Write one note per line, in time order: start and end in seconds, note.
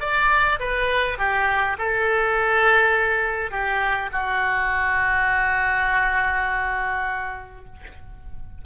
0.00 0.59 D5
0.59 1.18 B4
1.18 1.77 G4
1.79 3.51 A4
3.51 4.10 G4
4.12 7.65 F#4